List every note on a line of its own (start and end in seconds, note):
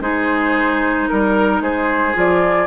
0.00 1.07 G#3
0.00 2.13 D#4
0.00 1.09 G#4
0.00 1.07 C5
1.07 1.60 G3
1.07 1.61 A#4
1.07 1.62 A#4
1.60 2.14 G#3
1.60 2.67 G#4
1.60 2.16 C5
2.13 2.67 F3
2.13 2.67 F4
2.13 2.67 D5